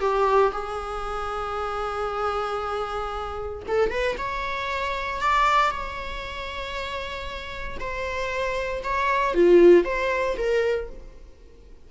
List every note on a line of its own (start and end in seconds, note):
0.00 0.52 G4
0.52 3.62 G#4
3.67 3.90 A4
3.90 4.16 B4
4.18 5.21 C#5
5.21 5.71 D5
5.71 7.78 C#5
7.79 8.83 C5
8.83 9.34 C#5
9.34 9.85 F4
9.85 10.36 C5
10.37 10.89 A#4